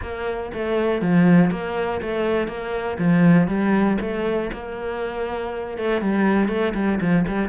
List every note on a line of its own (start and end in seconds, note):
0.02 0.52 A#3
0.53 1.01 A3
1.01 1.50 F3
1.50 2.00 A#3
2.01 2.48 A3
2.48 2.97 A#3
2.98 3.47 F3
3.47 3.97 G3
4.00 4.50 A3
4.52 5.77 A#3
5.77 6.01 A3
6.01 6.48 G3
6.48 6.73 A3
6.74 6.99 G3
7.00 7.25 F3
7.27 7.48 G3